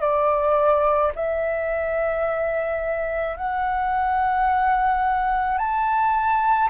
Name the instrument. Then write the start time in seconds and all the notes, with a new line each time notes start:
flute
0.00 D5
1.15 E5
3.36 F#5
5.58 A5